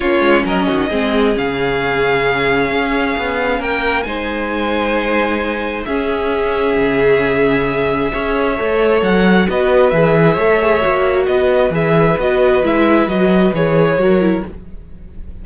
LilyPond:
<<
  \new Staff \with { instrumentName = "violin" } { \time 4/4 \tempo 4 = 133 cis''4 dis''2 f''4~ | f''1 | g''4 gis''2.~ | gis''4 e''2.~ |
e''1 | fis''4 dis''4 e''2~ | e''4 dis''4 e''4 dis''4 | e''4 dis''4 cis''2 | }
  \new Staff \with { instrumentName = "violin" } { \time 4/4 f'4 ais'8 fis'8 gis'2~ | gis'1 | ais'4 c''2.~ | c''4 gis'2.~ |
gis'2 cis''2~ | cis''4 b'2 cis''4~ | cis''4 b'2.~ | b'2. ais'4 | }
  \new Staff \with { instrumentName = "viola" } { \time 4/4 cis'2 c'4 cis'4~ | cis'1~ | cis'4 dis'2.~ | dis'4 cis'2.~ |
cis'2 gis'4 a'4~ | a'4 fis'4 gis'4 a'8 gis'8 | fis'2 gis'4 fis'4 | e'4 fis'4 gis'4 fis'8 e'8 | }
  \new Staff \with { instrumentName = "cello" } { \time 4/4 ais8 gis8 fis8 dis8 gis4 cis4~ | cis2 cis'4 b4 | ais4 gis2.~ | gis4 cis'2 cis4~ |
cis2 cis'4 a4 | fis4 b4 e4 a4 | ais4 b4 e4 b4 | gis4 fis4 e4 fis4 | }
>>